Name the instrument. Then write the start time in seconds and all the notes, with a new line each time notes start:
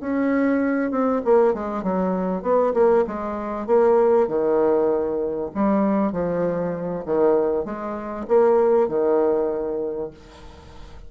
bassoon
0.00 C#4
0.91 C4
1.25 A#3
1.54 G#3
1.83 F#3
2.42 B3
2.74 A#3
3.07 G#3
3.67 A#3
4.28 D#3
5.54 G3
6.12 F3
7.05 D#3
7.65 G#3
8.28 A#3
8.88 D#3